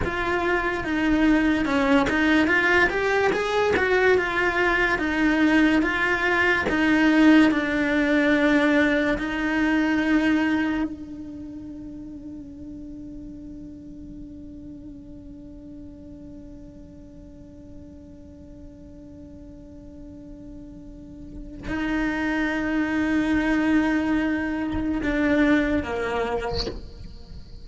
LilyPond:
\new Staff \with { instrumentName = "cello" } { \time 4/4 \tempo 4 = 72 f'4 dis'4 cis'8 dis'8 f'8 g'8 | gis'8 fis'8 f'4 dis'4 f'4 | dis'4 d'2 dis'4~ | dis'4 d'2.~ |
d'1~ | d'1~ | d'2 dis'2~ | dis'2 d'4 ais4 | }